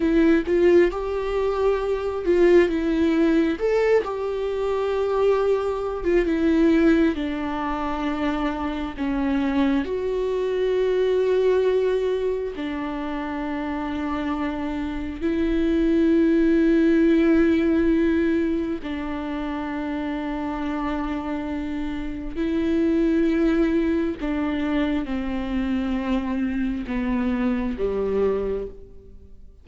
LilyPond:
\new Staff \with { instrumentName = "viola" } { \time 4/4 \tempo 4 = 67 e'8 f'8 g'4. f'8 e'4 | a'8 g'2~ g'16 f'16 e'4 | d'2 cis'4 fis'4~ | fis'2 d'2~ |
d'4 e'2.~ | e'4 d'2.~ | d'4 e'2 d'4 | c'2 b4 g4 | }